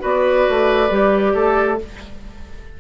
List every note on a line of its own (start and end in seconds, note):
0.00 0.48 B3
0.00 0.88 F#4
0.00 1.33 B4
0.00 1.80 D5
0.49 0.90 A3
0.90 1.34 G3
0.90 1.78 G4
1.34 1.79 A3
1.34 1.78 A4